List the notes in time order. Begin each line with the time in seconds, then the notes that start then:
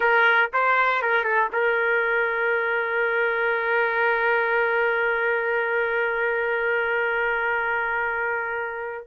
0.00 A#4
0.53 C5
1.02 A#4
1.24 A4
1.52 A#4